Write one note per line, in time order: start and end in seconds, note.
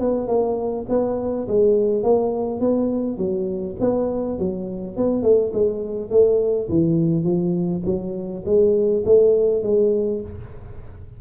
0.00 0.27 B3
0.27 0.86 A#3
0.89 1.47 B3
1.48 2.03 G#3
2.03 2.60 A#3
2.60 3.17 B3
3.17 3.76 F#3
3.80 4.38 B3
4.38 4.96 F#3
4.96 5.23 B3
5.23 5.52 A3
5.53 6.10 G#3
6.10 6.68 A3
6.69 7.24 E3
7.24 7.82 F3
7.85 8.44 F#3
8.45 9.04 G#3
9.06 9.63 A3
9.63 10.21 G#3